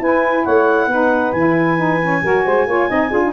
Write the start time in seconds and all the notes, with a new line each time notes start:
0.00 E4 B4 G#5
0.44 A3 C#5 F#5
0.87 B3 D#4 B4
1.33 E3 E4 G#5
1.78 D#4
2.03 C#4
2.22 F#3 F#4 A#4
2.45 G#3 C5
2.67 A#3 F4 C#5
2.89 C4 D#4 D#5
3.11 D4 F4 G#4
3.24 D#4